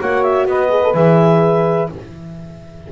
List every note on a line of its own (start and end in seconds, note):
0.00 0.46 A#3
0.00 0.70 F#4
0.00 0.48 C#5
0.00 0.23 F#5
0.23 0.47 E5
0.46 0.94 B3
0.46 1.92 B4
0.46 0.94 D#5
0.70 0.82 G#4
0.84 0.95 A4
0.94 1.89 E3
0.94 1.90 G#4
0.94 1.89 E5